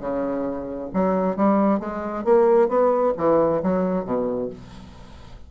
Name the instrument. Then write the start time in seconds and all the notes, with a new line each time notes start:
bassoon
0.00 C#3
0.93 F#3
1.37 G3
1.79 G#3
2.24 A#3
2.68 B3
3.17 E3
3.63 F#3
4.05 B2